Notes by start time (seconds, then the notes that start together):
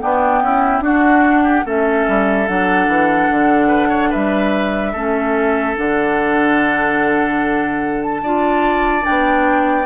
0.00 B3 D4 G5
0.41 C#4 E4
0.81 D4 F#4 F#5
1.43 G4
1.66 A3 C#4 A4 E5
2.08 G3
2.48 F#3 D4 F#5
2.88 E3
3.31 D3
3.68 B4
3.89 C#5
4.10 G3 B4 E5
4.93 A3 C#4 A4
5.77 D3 D4 F#5
8.03 A5
8.22 D4 F4 D5
9.02 D4 G5
9.09 B3